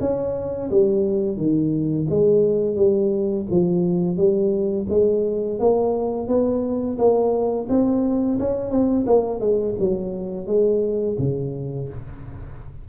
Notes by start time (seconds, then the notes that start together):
0.00 C#4
0.70 G3
1.37 D#3
2.10 G#3
2.76 G3
3.50 F3
4.17 G3
4.89 G#3
5.59 A#3
6.28 B3
6.98 A#3
7.69 C4
8.39 C#4
8.70 C4
9.06 A#3
9.40 G#3
9.79 F#3
10.47 G#3
11.18 C#3